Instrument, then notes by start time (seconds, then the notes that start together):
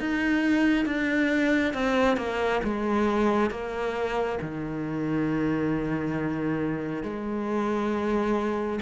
cello
0.00 D#4
0.85 D4
1.74 C4
2.17 A#3
2.64 G#3
3.50 A#3
4.42 D#3
7.03 G#3